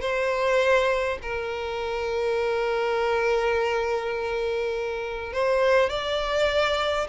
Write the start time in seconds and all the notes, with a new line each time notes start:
0.00 C5
1.22 A#4
5.33 C5
5.89 D5